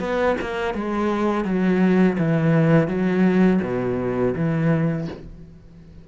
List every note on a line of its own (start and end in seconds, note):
0.00 0.36 B3
0.41 0.74 A#3
0.74 1.45 G#3
1.45 2.17 F#3
2.18 2.88 E3
2.88 3.60 F#3
3.62 4.34 B2
4.35 5.08 E3